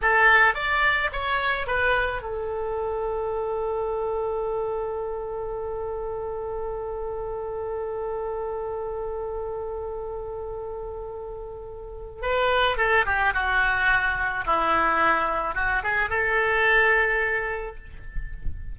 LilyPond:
\new Staff \with { instrumentName = "oboe" } { \time 4/4 \tempo 4 = 108 a'4 d''4 cis''4 b'4 | a'1~ | a'1~ | a'1~ |
a'1~ | a'2 b'4 a'8 g'8 | fis'2 e'2 | fis'8 gis'8 a'2. | }